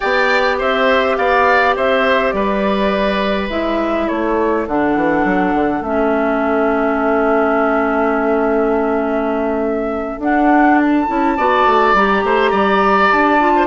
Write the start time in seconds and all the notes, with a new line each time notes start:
0.00 B3 G4 D5 G5
0.58 C4 C5 E5
1.16 B3 D5 F5
1.76 C4 C5 E5
2.31 G3 B4 D5
3.49 G#3 E4 E5
4.07 A3 A4 C#5
4.67 D3 D4 F#5
4.95 E3
5.24 F#3
5.54 D3
5.80 A3 C#4 E5
10.18 D4 F#5
10.78 A5
11.07 C#4 E4
11.37 B3 F#4 D5
11.65 A3
11.93 G3 G4 A#5
12.23 A3 C5
12.50 G3 D5
13.11 D4 A5
13.39 F4
13.56 C5